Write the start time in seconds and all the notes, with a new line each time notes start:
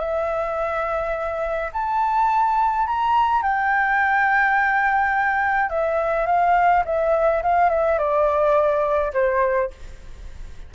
0.00 E5
1.73 A5
2.87 A#5
3.43 G5
5.70 E5
6.27 F5
6.86 E5
7.43 F5
7.70 E5
7.99 D5
9.14 C5